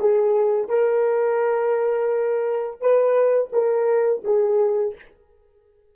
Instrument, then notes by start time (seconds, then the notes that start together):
horn
0.00 G#4
0.69 A#4
2.80 B4
3.53 A#4
4.24 G#4